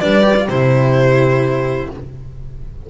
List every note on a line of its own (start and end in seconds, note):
0.00 0.48 G3
0.00 0.22 D4
0.00 0.47 B4
0.00 0.47 D5
0.22 0.34 G4
0.37 0.48 F4
0.48 1.89 C3
0.48 1.90 E4
0.48 1.89 G4
0.48 1.90 C5